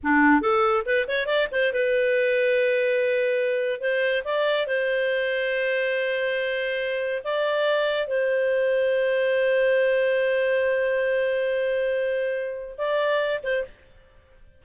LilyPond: \new Staff \with { instrumentName = "clarinet" } { \time 4/4 \tempo 4 = 141 d'4 a'4 b'8 cis''8 d''8 c''8 | b'1~ | b'4 c''4 d''4 c''4~ | c''1~ |
c''4 d''2 c''4~ | c''1~ | c''1~ | c''2 d''4. c''8 | }